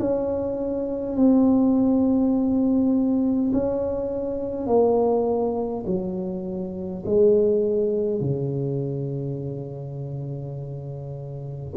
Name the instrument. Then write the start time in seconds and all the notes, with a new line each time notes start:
tuba
0.00 C#4
1.17 C4
3.53 C#4
4.67 A#3
5.87 F#3
7.06 G#3
8.21 C#3